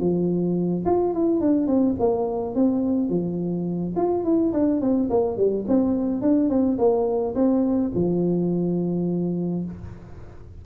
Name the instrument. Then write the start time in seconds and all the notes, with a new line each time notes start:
tuba
0.00 F3
0.86 F4
1.14 E4
1.41 D4
1.67 C4
2.00 A#3
2.55 C4
3.10 F3
3.97 F4
4.25 E4
4.53 D4
4.81 C4
5.10 A#3
5.37 G3
5.68 C4
6.22 D4
6.50 C4
6.78 A#3
7.35 C4
7.95 F3